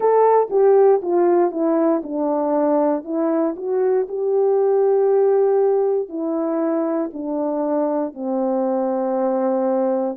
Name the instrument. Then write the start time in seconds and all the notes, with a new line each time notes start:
horn
0.00 A4
0.50 G4
1.02 F4
1.51 E4
2.03 D4
3.04 E4
3.56 F#4
4.08 G4
6.08 E4
7.13 D4
8.14 C4